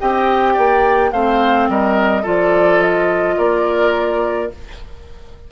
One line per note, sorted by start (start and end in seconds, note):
0.00 0.58 C4
0.00 1.13 G4
0.00 0.54 D#5
0.00 1.12 G5
0.54 1.12 A#3
0.54 1.10 D5
1.12 1.69 A3
1.12 2.24 C4
1.12 1.69 C5
1.12 1.69 F5
1.69 2.26 G3
1.69 2.23 A#4
1.69 2.27 D#5
2.23 3.38 F3
2.23 4.50 F4
2.23 3.36 A4
2.23 2.82 D5
2.82 3.38 D#5
3.38 4.51 A#3
3.38 4.51 A#4
3.38 4.52 D5